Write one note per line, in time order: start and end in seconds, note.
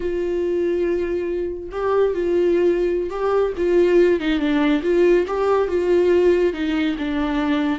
0.00 1.69 F4
1.71 2.14 G4
2.14 3.10 F4
3.10 3.52 G4
3.57 4.19 F4
4.19 4.39 D#4
4.39 4.82 D4
4.83 5.25 F4
5.27 5.68 G4
5.68 6.53 F4
6.53 6.95 D#4
6.98 7.79 D4